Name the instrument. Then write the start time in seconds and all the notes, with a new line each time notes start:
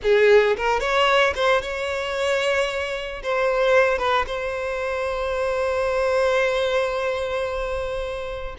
violin
0.03 G#4
0.56 A#4
0.79 C#5
1.35 C5
1.61 C#5
3.22 C5
3.98 B4
4.26 C5